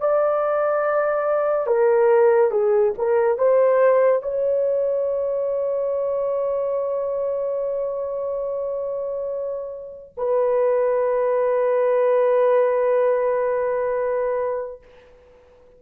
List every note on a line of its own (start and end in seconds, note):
0.00 1.67 D5
1.67 2.51 A#4
2.51 2.93 G#4
2.98 3.38 A#4
3.38 4.23 C5
4.23 10.14 C#5
10.18 14.82 B4